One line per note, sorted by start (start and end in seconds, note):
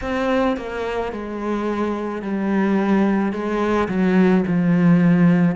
0.01 0.56 C4
0.56 1.12 A#3
1.12 2.22 G#3
2.22 3.32 G3
3.32 3.88 G#3
3.88 4.43 F#3
4.46 5.56 F3